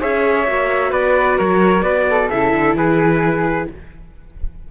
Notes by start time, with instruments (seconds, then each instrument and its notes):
0.00 cello C#4, viola G#4, flute C#5, trumpet E5
0.47 cello A#3, viola F#4
0.91 cello B3, flute B4, trumpet D5
1.37 cello F#3, flute A#4, trumpet C#5
1.82 cello B3, flute B4, trumpet D5
2.09 flute A4
2.30 cello C#3, viola E4, trumpet E5
2.53 cello D3
2.74 cello E3, flute G#4, trumpet B4